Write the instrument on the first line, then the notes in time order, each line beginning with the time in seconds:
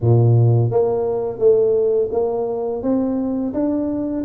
tuba
0.00 A#2
0.71 A#3
1.38 A3
2.11 A#3
2.82 C4
3.53 D4